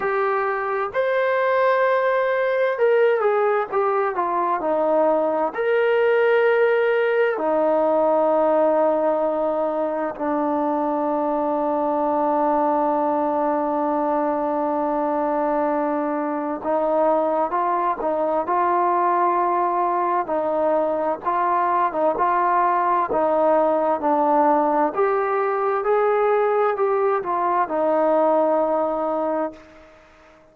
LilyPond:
\new Staff \with { instrumentName = "trombone" } { \time 4/4 \tempo 4 = 65 g'4 c''2 ais'8 gis'8 | g'8 f'8 dis'4 ais'2 | dis'2. d'4~ | d'1~ |
d'2 dis'4 f'8 dis'8 | f'2 dis'4 f'8. dis'16 | f'4 dis'4 d'4 g'4 | gis'4 g'8 f'8 dis'2 | }